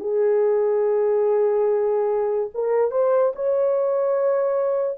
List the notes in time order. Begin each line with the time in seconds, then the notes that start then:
0.00 G#4
2.55 A#4
2.92 C5
3.36 C#5